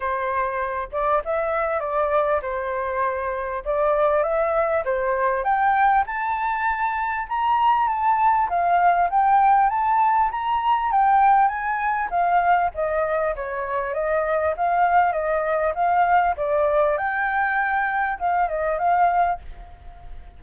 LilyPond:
\new Staff \with { instrumentName = "flute" } { \time 4/4 \tempo 4 = 99 c''4. d''8 e''4 d''4 | c''2 d''4 e''4 | c''4 g''4 a''2 | ais''4 a''4 f''4 g''4 |
a''4 ais''4 g''4 gis''4 | f''4 dis''4 cis''4 dis''4 | f''4 dis''4 f''4 d''4 | g''2 f''8 dis''8 f''4 | }